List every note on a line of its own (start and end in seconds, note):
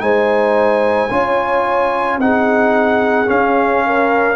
0.00 1.10 G#3
0.00 1.09 D#4
0.00 1.10 C5
0.00 2.19 G#5
1.10 2.18 C#4
1.10 2.20 F4
1.10 2.19 C#5
2.18 3.27 C4
2.18 3.26 D#4
2.18 3.86 G#4
2.18 3.30 F#5
3.26 4.35 C#4
3.26 4.36 C#4
3.26 4.36 F5
3.87 4.36 A#4